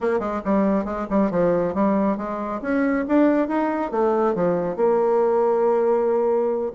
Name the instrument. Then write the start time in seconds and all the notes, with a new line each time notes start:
bassoon
0.00 A#3
0.19 G#3
0.44 G3
0.84 G#3
1.10 G3
1.30 F3
1.74 G3
2.17 G#3
2.61 C#4
3.08 D4
3.48 D#4
3.91 A3
4.34 F3
4.76 A#3